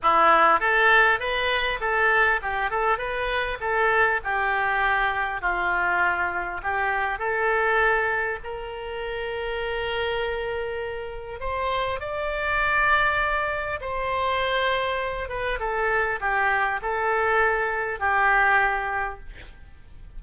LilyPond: \new Staff \with { instrumentName = "oboe" } { \time 4/4 \tempo 4 = 100 e'4 a'4 b'4 a'4 | g'8 a'8 b'4 a'4 g'4~ | g'4 f'2 g'4 | a'2 ais'2~ |
ais'2. c''4 | d''2. c''4~ | c''4. b'8 a'4 g'4 | a'2 g'2 | }